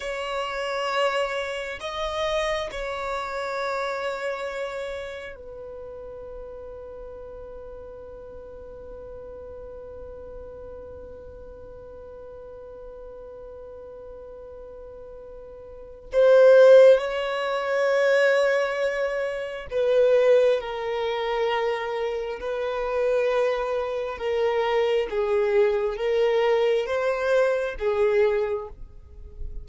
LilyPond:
\new Staff \with { instrumentName = "violin" } { \time 4/4 \tempo 4 = 67 cis''2 dis''4 cis''4~ | cis''2 b'2~ | b'1~ | b'1~ |
b'2 c''4 cis''4~ | cis''2 b'4 ais'4~ | ais'4 b'2 ais'4 | gis'4 ais'4 c''4 gis'4 | }